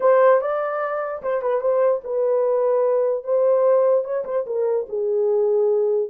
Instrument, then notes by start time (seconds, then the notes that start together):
horn
0.00 C5
0.41 D5
1.22 C5
1.42 B4
1.60 C5
2.04 B4
3.24 C5
4.04 C#5
4.25 C5
4.46 A#4
4.88 G#4